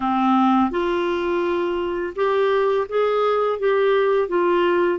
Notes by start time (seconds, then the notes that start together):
0.00 C4
0.70 F4
2.15 G4
2.88 G#4
3.59 G4
4.28 F4